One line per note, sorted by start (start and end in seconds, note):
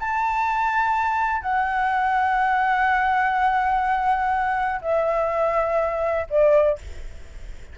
0.00 1.42 A5
1.42 4.81 F#5
4.81 6.27 E5
6.30 6.78 D5